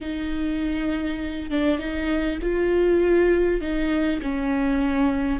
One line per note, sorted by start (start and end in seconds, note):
0.00 1.50 D#4
1.50 1.78 D4
1.78 2.38 D#4
2.42 3.60 F4
3.60 4.20 D#4
4.22 5.39 C#4